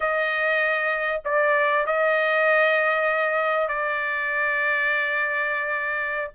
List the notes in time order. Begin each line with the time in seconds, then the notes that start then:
0.00 D#5
1.24 D5
1.86 D#5
3.68 D5